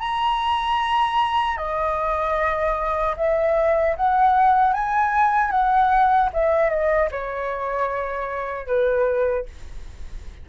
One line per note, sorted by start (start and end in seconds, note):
0.00 1.58 A#5
1.58 3.15 D#5
3.17 3.96 E5
3.97 4.74 F#5
4.74 5.51 G#5
5.51 6.30 F#5
6.33 6.70 E5
6.70 7.09 D#5
7.11 8.67 C#5
8.67 9.46 B4